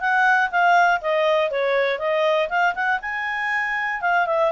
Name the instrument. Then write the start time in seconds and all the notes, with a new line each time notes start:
clarinet
0.00 F#5
0.50 F5
1.01 D#5
1.50 C#5
1.98 D#5
2.49 F5
2.74 F#5
3.01 G#5
4.01 F5
4.26 E5